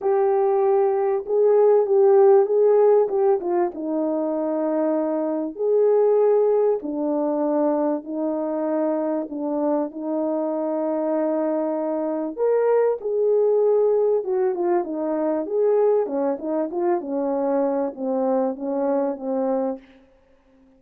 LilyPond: \new Staff \with { instrumentName = "horn" } { \time 4/4 \tempo 4 = 97 g'2 gis'4 g'4 | gis'4 g'8 f'8 dis'2~ | dis'4 gis'2 d'4~ | d'4 dis'2 d'4 |
dis'1 | ais'4 gis'2 fis'8 f'8 | dis'4 gis'4 cis'8 dis'8 f'8 cis'8~ | cis'4 c'4 cis'4 c'4 | }